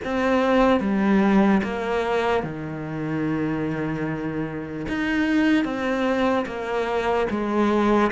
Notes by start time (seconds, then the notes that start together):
0.04 C4
0.80 G3
1.63 A#3
2.43 D#3
4.88 D#4
5.64 C4
6.45 A#3
7.30 G#3